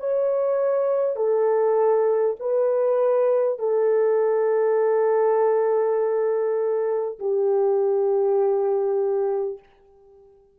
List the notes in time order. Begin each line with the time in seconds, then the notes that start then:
0.00 C#5
1.17 A4
2.40 B4
3.59 A4
7.19 G4